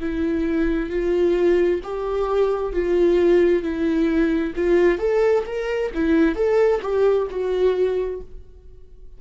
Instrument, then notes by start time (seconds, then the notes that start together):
viola
0.00 E4
0.90 F4
1.83 G4
2.73 F4
3.63 E4
4.56 F4
4.99 A4
5.46 A#4
5.94 E4
6.36 A4
6.82 G4
7.30 F#4